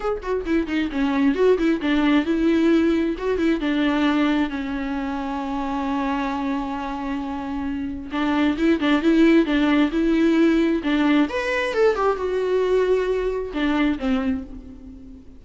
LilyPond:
\new Staff \with { instrumentName = "viola" } { \time 4/4 \tempo 4 = 133 gis'8 fis'8 e'8 dis'8 cis'4 fis'8 e'8 | d'4 e'2 fis'8 e'8 | d'2 cis'2~ | cis'1~ |
cis'2 d'4 e'8 d'8 | e'4 d'4 e'2 | d'4 b'4 a'8 g'8 fis'4~ | fis'2 d'4 c'4 | }